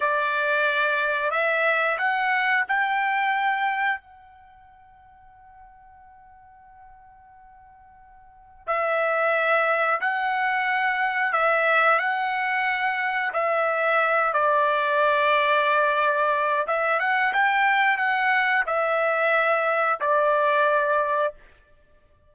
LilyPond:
\new Staff \with { instrumentName = "trumpet" } { \time 4/4 \tempo 4 = 90 d''2 e''4 fis''4 | g''2 fis''2~ | fis''1~ | fis''4 e''2 fis''4~ |
fis''4 e''4 fis''2 | e''4. d''2~ d''8~ | d''4 e''8 fis''8 g''4 fis''4 | e''2 d''2 | }